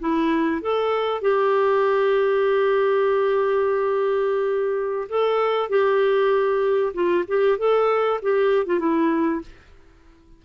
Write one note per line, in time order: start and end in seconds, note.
0.00 0.62 E4
0.62 1.22 A4
1.22 5.09 G4
5.10 5.70 A4
5.70 6.94 G4
6.94 7.25 F4
7.28 7.59 G4
7.59 8.21 A4
8.23 8.67 G4
8.67 8.80 F4
8.80 9.42 E4